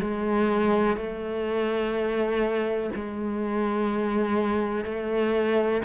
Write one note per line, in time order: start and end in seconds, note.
0.00 0.96 G#3
0.96 2.90 A3
2.95 4.84 G#3
4.84 5.81 A3